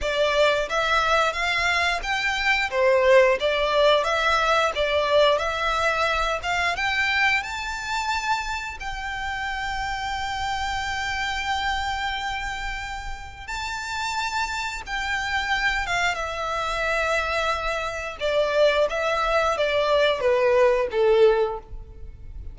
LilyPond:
\new Staff \with { instrumentName = "violin" } { \time 4/4 \tempo 4 = 89 d''4 e''4 f''4 g''4 | c''4 d''4 e''4 d''4 | e''4. f''8 g''4 a''4~ | a''4 g''2.~ |
g''1 | a''2 g''4. f''8 | e''2. d''4 | e''4 d''4 b'4 a'4 | }